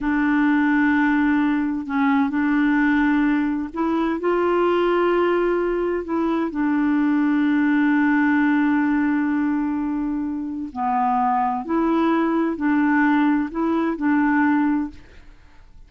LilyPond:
\new Staff \with { instrumentName = "clarinet" } { \time 4/4 \tempo 4 = 129 d'1 | cis'4 d'2. | e'4 f'2.~ | f'4 e'4 d'2~ |
d'1~ | d'2. b4~ | b4 e'2 d'4~ | d'4 e'4 d'2 | }